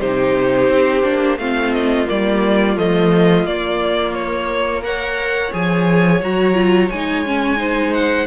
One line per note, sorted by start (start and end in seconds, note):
0.00 0.68 C3
0.00 1.03 D#4
0.00 1.38 G4
0.00 1.39 C5
0.68 1.03 C4
1.03 1.38 A#3
1.03 1.37 D4
1.38 2.07 A3
1.38 2.06 C4
1.38 4.84 F4
1.38 1.73 F5
1.73 2.07 D#5
2.06 2.77 G3
2.06 2.75 A#3
2.06 2.78 D5
2.77 3.45 F3
2.77 3.46 A3
2.77 3.46 D#5
3.45 5.51 A#3
3.45 4.83 A#3
3.45 4.14 D5
4.14 4.82 C#5
4.83 5.52 A#4
4.83 7.59 C#5
4.83 5.53 F#5
5.52 6.21 F3
5.52 6.21 G#4
5.52 6.22 G#5
6.21 6.90 F#3
6.21 6.54 F#4
6.21 6.91 A#5
6.54 6.89 F4
6.91 8.27 G#3
6.91 7.26 D#4
6.91 7.94 G#5
7.26 7.57 C#4
7.57 8.26 D#4
7.57 8.27 C5
7.94 8.27 F#5